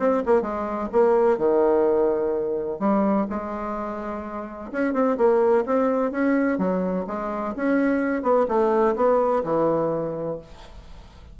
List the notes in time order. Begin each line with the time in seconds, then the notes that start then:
0.00 C4
0.26 A#3
0.42 G#3
0.93 A#3
1.39 D#3
2.80 G3
3.30 G#3
4.72 C#4
4.94 C4
5.18 A#3
5.66 C4
6.12 C#4
6.58 F#3
7.08 G#3
7.57 C#4
8.23 B3
8.49 A3
8.96 B3
9.44 E3